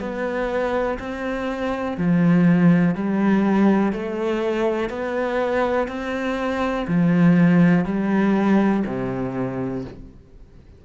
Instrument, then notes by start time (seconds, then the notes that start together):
cello
0.00 B3
0.99 C4
1.98 F3
2.95 G3
3.93 A3
4.90 B3
5.88 C4
6.88 F3
7.85 G3
8.87 C3